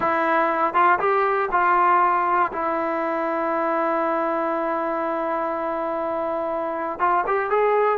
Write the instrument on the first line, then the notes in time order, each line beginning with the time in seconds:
trombone
0.00 E4
0.74 F4
0.99 G4
1.51 F4
2.52 E4
6.99 F4
7.26 G4
7.50 G#4